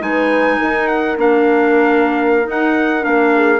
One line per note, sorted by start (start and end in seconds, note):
0.00 0.58 G#3
0.00 1.15 D#4
0.00 0.59 B4
0.00 0.87 G#5
0.59 1.17 D#4
0.59 3.33 A#4
0.87 1.16 F#5
1.16 2.46 A#3
1.16 2.43 D4
1.16 2.50 F5
2.43 3.00 D#4
2.43 3.06 D#4
2.50 3.04 F#5
3.00 3.60 A#3
3.00 3.58 D4
3.00 3.60 F5
3.35 3.60 G#4